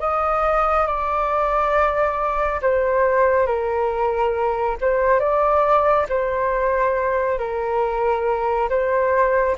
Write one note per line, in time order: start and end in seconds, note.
0.00 0.87 D#5
0.87 2.61 D5
2.62 3.47 C5
3.47 4.77 A#4
4.81 5.20 C5
5.20 6.07 D5
6.09 7.39 C5
7.39 8.69 A#4
8.70 9.57 C5